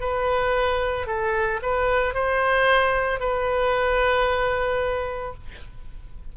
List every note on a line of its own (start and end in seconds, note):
0.00 1.07 B4
1.07 1.60 A4
1.62 2.14 B4
2.14 3.19 C5
3.19 5.34 B4